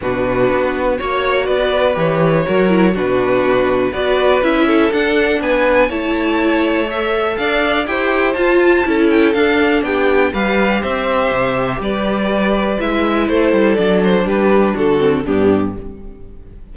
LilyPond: <<
  \new Staff \with { instrumentName = "violin" } { \time 4/4 \tempo 4 = 122 b'2 cis''4 d''4 | cis''2 b'2 | d''4 e''4 fis''4 gis''4 | a''2 e''4 f''4 |
g''4 a''4. g''8 f''4 | g''4 f''4 e''2 | d''2 e''4 c''4 | d''8 c''8 b'4 a'4 g'4 | }
  \new Staff \with { instrumentName = "violin" } { \time 4/4 fis'2 cis''4 b'4~ | b'4 ais'4 fis'2 | b'4. a'4. b'4 | cis''2. d''4 |
c''2 a'2 | g'4 b'4 c''2 | b'2. a'4~ | a'4 g'4 fis'4 d'4 | }
  \new Staff \with { instrumentName = "viola" } { \time 4/4 d'2 fis'2 | g'4 fis'8 e'8 d'2 | fis'4 e'4 d'2 | e'2 a'2 |
g'4 f'4 e'4 d'4~ | d'4 g'2.~ | g'2 e'2 | d'2~ d'8 c'8 b4 | }
  \new Staff \with { instrumentName = "cello" } { \time 4/4 b,4 b4 ais4 b4 | e4 fis4 b,2 | b4 cis'4 d'4 b4 | a2. d'4 |
e'4 f'4 cis'4 d'4 | b4 g4 c'4 c4 | g2 gis4 a8 g8 | fis4 g4 d4 g,4 | }
>>